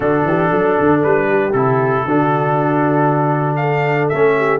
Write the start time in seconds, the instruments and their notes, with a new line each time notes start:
0.00 tuba D3, trombone D4, horn F#4, trumpet A4
0.24 tuba E3, horn G4
0.50 tuba F#3, horn A4
0.79 tuba D3
1.03 tuba G3, trumpet B4
1.29 horn G4
1.52 tuba C3, trombone E4, trumpet A4
2.04 tuba D3, trombone D4, horn F#4
3.56 horn A4, trumpet F5
4.09 tuba A3, trombone C#4, trumpet E5
4.37 horn G4